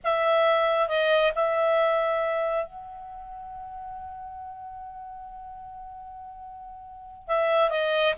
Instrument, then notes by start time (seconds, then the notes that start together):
clarinet
0.04 E5
0.88 D#5
1.35 E5
2.65 F#5
7.27 E5
7.69 D#5